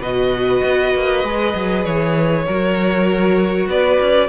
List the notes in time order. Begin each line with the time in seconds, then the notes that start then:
0.00 B2 F#4 B4 D#5
0.64 B3
0.94 A#3
1.23 G#3 G#4
1.55 F#3
1.84 E3 C#5
2.46 F#3 F#4 A#4
3.68 B3 B4 D5
4.00 C#4